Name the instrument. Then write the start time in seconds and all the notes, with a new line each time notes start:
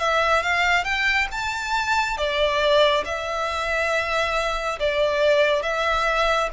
violin
0.00 E5
0.43 F5
0.85 G5
1.32 A5
2.18 D5
3.06 E5
4.80 D5
5.63 E5